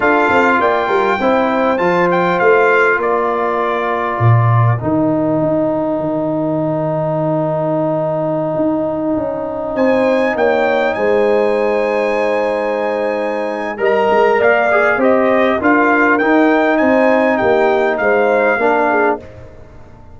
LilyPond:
<<
  \new Staff \with { instrumentName = "trumpet" } { \time 4/4 \tempo 4 = 100 f''4 g''2 a''8 g''8 | f''4 d''2. | g''1~ | g''1~ |
g''16 gis''4 g''4 gis''4.~ gis''16~ | gis''2. ais''4 | f''4 dis''4 f''4 g''4 | gis''4 g''4 f''2 | }
  \new Staff \with { instrumentName = "horn" } { \time 4/4 a'4 d''8 ais'8 c''2~ | c''4 ais'2.~ | ais'1~ | ais'1~ |
ais'16 c''4 cis''4 c''4.~ c''16~ | c''2. dis''4 | d''4 c''4 ais'2 | c''4 g'4 c''4 ais'8 gis'8 | }
  \new Staff \with { instrumentName = "trombone" } { \time 4/4 f'2 e'4 f'4~ | f'1 | dis'1~ | dis'1~ |
dis'1~ | dis'2. ais'4~ | ais'8 gis'8 g'4 f'4 dis'4~ | dis'2. d'4 | }
  \new Staff \with { instrumentName = "tuba" } { \time 4/4 d'8 c'8 ais8 g8 c'4 f4 | a4 ais2 ais,4 | dis4 dis'4 dis2~ | dis2~ dis16 dis'4 cis'8.~ |
cis'16 c'4 ais4 gis4.~ gis16~ | gis2. g8 gis8 | ais4 c'4 d'4 dis'4 | c'4 ais4 gis4 ais4 | }
>>